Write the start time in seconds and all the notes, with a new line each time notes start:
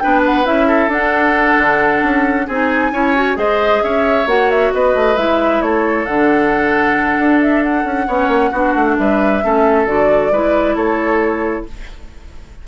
0.00 B3 D4 B4 G5
0.26 F#5
0.44 C#4 E4 E5
0.68 A4
0.88 D4 F#5
1.58 D3
2.03 C#4
2.47 C4 D#4 G#4 G#5
2.92 C#4 E4 C#5
3.15 F#4
3.35 G#3 G#4 C5 D#5
3.83 C#4 C#5 E5
4.26 A#3 F#4 F#5
4.51 E5
4.74 B3 B4 D#5
4.95 A3
5.17 G#3 E4 E5
5.62 A3 A4 C#5
6.06 D3 D4 F#5
7.19 D4
7.42 E5
7.63 F#5
7.85 C#4
8.08 B3 C#4 C#5
8.28 A#3
8.51 B3 D4 F#4
8.76 A3
8.98 G3 B4 E5
9.43 A3 C#4 A4
9.87 D3 F#4 D5
10.32 G#3 E4 B4
10.76 A3 A4 C#5